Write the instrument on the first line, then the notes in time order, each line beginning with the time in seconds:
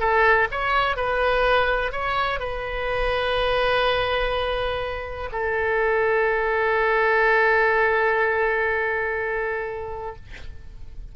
oboe
0.00 A4
0.52 C#5
0.97 B4
1.92 C#5
2.40 B4
5.32 A4